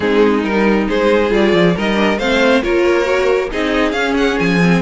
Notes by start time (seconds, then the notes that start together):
0.00 G#3 C4 D#4 G#4
0.43 G3 D#4 A#4
0.88 G#3 G#4 C5
1.29 G3 F4 D5
1.53 F3
1.75 G3 D#4 A#4 D#5
1.94 D4
2.18 A3 C4 C5 F5
2.62 A#3 F4 A#4 C#5
3.04 F#4
3.50 C4 D#4 G#4 D#5
3.91 C#4 F5
4.17 F#5
4.38 F3 G#5
4.62 C4